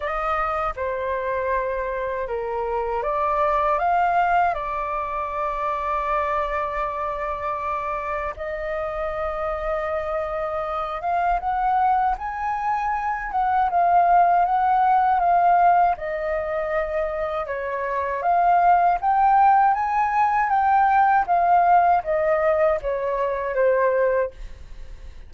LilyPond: \new Staff \with { instrumentName = "flute" } { \time 4/4 \tempo 4 = 79 dis''4 c''2 ais'4 | d''4 f''4 d''2~ | d''2. dis''4~ | dis''2~ dis''8 f''8 fis''4 |
gis''4. fis''8 f''4 fis''4 | f''4 dis''2 cis''4 | f''4 g''4 gis''4 g''4 | f''4 dis''4 cis''4 c''4 | }